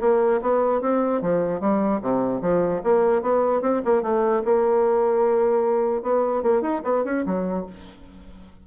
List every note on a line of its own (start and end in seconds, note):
0.00 0.40 A#3
0.41 0.81 B3
0.81 1.21 C4
1.21 1.60 F3
1.60 2.00 G3
2.01 2.41 C3
2.41 2.81 F3
2.83 3.22 A#3
3.22 3.61 B3
3.61 3.81 C4
3.84 4.02 A#3
4.02 4.42 A3
4.44 6.02 A#3
6.02 6.42 B3
6.42 6.61 A#3
6.61 6.81 D#4
6.84 7.04 B3
7.04 7.24 C#4
7.25 7.66 F#3